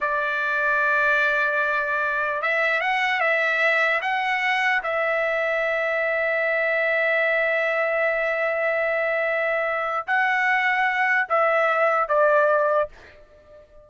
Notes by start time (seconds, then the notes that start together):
0.00 D5
2.42 E5
2.80 F#5
3.20 E5
4.01 F#5
4.83 E5
10.07 F#5
11.29 E5
12.08 D5